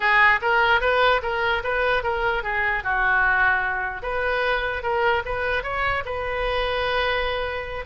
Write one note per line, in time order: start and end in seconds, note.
0.00 0.40 G#4
0.41 0.80 A#4
0.80 1.21 B4
1.22 1.62 A#4
1.63 2.03 B4
2.03 2.43 A#4
2.43 2.83 G#4
2.83 4.02 F#4
4.02 4.82 B4
4.82 5.23 A#4
5.25 5.63 B4
5.63 6.03 C#5
6.05 7.85 B4